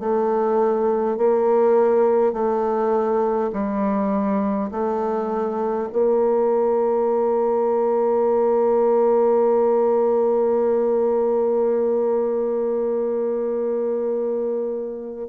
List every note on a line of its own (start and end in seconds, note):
0.00 1.18 A3
1.18 2.34 A#3
2.34 3.51 A3
3.53 4.71 G3
4.72 5.89 A3
5.93 15.29 A#3